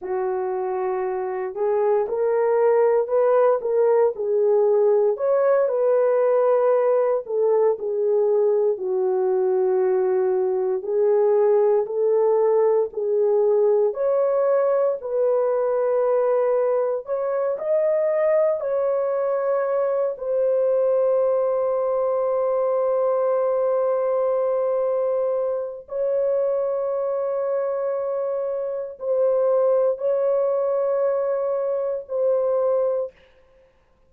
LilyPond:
\new Staff \with { instrumentName = "horn" } { \time 4/4 \tempo 4 = 58 fis'4. gis'8 ais'4 b'8 ais'8 | gis'4 cis''8 b'4. a'8 gis'8~ | gis'8 fis'2 gis'4 a'8~ | a'8 gis'4 cis''4 b'4.~ |
b'8 cis''8 dis''4 cis''4. c''8~ | c''1~ | c''4 cis''2. | c''4 cis''2 c''4 | }